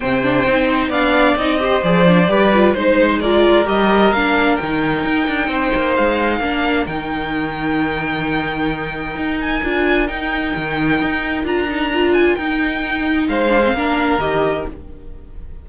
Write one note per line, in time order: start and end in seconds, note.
0.00 0.45 C3
0.00 0.22 C4
0.00 0.89 C5
0.00 0.90 G5
0.22 0.45 D4
0.45 0.89 C4
0.45 0.93 D#4
0.89 1.35 B3
0.89 1.38 D4
0.89 1.57 D5
0.89 1.37 F5
1.36 1.82 C4
1.36 1.59 D#4
1.36 1.83 D#5
1.59 1.82 G4
1.59 2.30 C5
1.83 2.28 F3
1.83 2.07 G#4
1.83 2.73 D5
2.07 2.27 D4
2.27 2.74 G3
2.27 2.50 G4
2.27 2.76 B4
2.53 2.76 F4
2.73 3.66 G#3
2.73 3.21 D#4
2.73 3.19 C5
2.73 3.21 C5
3.20 3.64 F4
3.20 5.49 A#4
3.20 3.66 D5
3.64 4.12 G3
3.64 4.10 G4
3.64 4.12 D#5
4.12 4.58 A#3
4.12 4.61 D4
4.12 4.56 F5
4.56 5.04 D#3
4.56 6.41 D#4
4.56 5.93 G5
5.04 5.27 D#4
5.27 5.47 D4
5.47 5.70 C4
5.47 6.39 C5
5.75 5.98 A#3
5.96 6.40 G#3
5.96 6.86 F5
6.39 6.85 A#3
6.39 6.87 D4
6.39 13.26 A#4
6.86 9.16 D#3
6.86 9.63 D#4
6.86 9.38 G5
9.16 9.62 D#4
9.40 10.07 G#5
9.63 10.09 D4
9.63 10.07 F4
10.07 11.44 D#4
10.07 10.54 D#4
10.07 11.45 G5
10.56 11.01 D#3
11.01 11.44 D#4
11.44 12.35 D4
11.44 11.67 F4
11.44 12.13 A#5
11.68 11.91 D#4
11.94 12.38 F4
12.13 12.35 G#5
12.35 13.28 D#4
12.35 13.48 D#4
12.35 13.27 G5
13.28 13.73 G#3
13.28 13.75 C5
13.28 14.19 F5
13.48 13.60 D4
13.65 13.76 C4
13.73 14.18 A#3
13.73 14.20 D4
13.73 14.68 A#4
14.19 14.65 D#3
14.19 14.66 G4
14.19 14.65 D#5